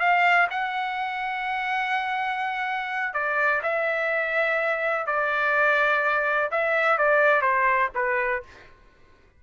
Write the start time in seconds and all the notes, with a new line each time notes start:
0.00 F5
0.51 F#5
3.14 D5
3.63 E5
5.07 D5
6.51 E5
6.99 D5
7.42 C5
7.95 B4